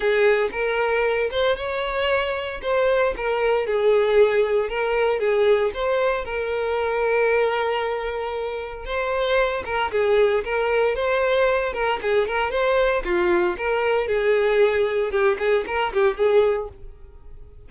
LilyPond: \new Staff \with { instrumentName = "violin" } { \time 4/4 \tempo 4 = 115 gis'4 ais'4. c''8 cis''4~ | cis''4 c''4 ais'4 gis'4~ | gis'4 ais'4 gis'4 c''4 | ais'1~ |
ais'4 c''4. ais'8 gis'4 | ais'4 c''4. ais'8 gis'8 ais'8 | c''4 f'4 ais'4 gis'4~ | gis'4 g'8 gis'8 ais'8 g'8 gis'4 | }